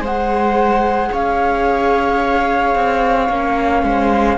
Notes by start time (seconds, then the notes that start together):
0.00 G#3 G#4 C5 F#5
1.11 C#4 C#5 F5
2.75 C4
3.28 A#3 C#4
3.82 G#3 C5